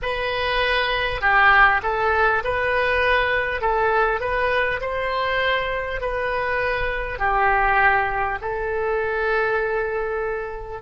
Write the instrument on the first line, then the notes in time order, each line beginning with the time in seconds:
oboe
0.02 B4
1.21 G4
1.82 A4
2.43 B4
3.61 A4
4.20 B4
4.80 C5
6.00 B4
7.18 G4
8.41 A4